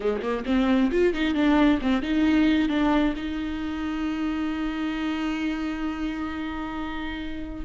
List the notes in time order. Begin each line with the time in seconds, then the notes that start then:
0.00 G#3
0.22 A#3
0.45 C4
0.91 F4
1.13 D#4
1.34 D4
1.81 C4
2.02 D#4
2.68 D4
3.16 D#4